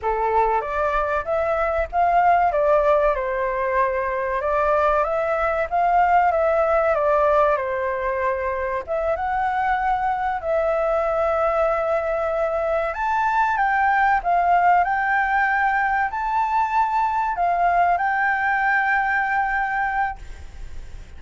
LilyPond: \new Staff \with { instrumentName = "flute" } { \time 4/4 \tempo 4 = 95 a'4 d''4 e''4 f''4 | d''4 c''2 d''4 | e''4 f''4 e''4 d''4 | c''2 e''8 fis''4.~ |
fis''8 e''2.~ e''8~ | e''8 a''4 g''4 f''4 g''8~ | g''4. a''2 f''8~ | f''8 g''2.~ g''8 | }